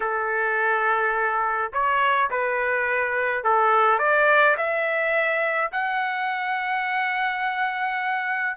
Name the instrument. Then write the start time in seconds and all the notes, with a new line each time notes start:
trumpet
0.00 A4
1.72 C#5
2.30 B4
3.44 A4
3.98 D5
4.57 E5
5.71 F#5